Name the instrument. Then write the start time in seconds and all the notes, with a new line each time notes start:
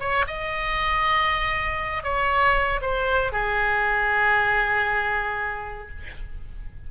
oboe
0.00 C#5
0.28 D#5
2.04 C#5
2.82 C5
3.33 G#4